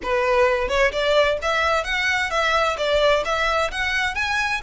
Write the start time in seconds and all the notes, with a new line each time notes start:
0.02 B4
0.68 C#5
0.91 D5
1.42 E5
1.84 F#5
2.30 E5
2.77 D5
3.24 E5
3.71 F#5
4.15 G#5